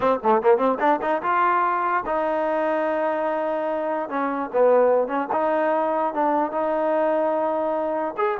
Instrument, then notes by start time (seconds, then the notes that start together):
trombone
0.00 C4
0.23 A3
0.42 A#3
0.57 C4
0.79 D4
1.01 D#4
1.22 F4
2.06 D#4
4.09 C#4
4.52 B3
5.07 C#4
5.32 D#4
6.14 D4
6.51 D#4
8.17 G#4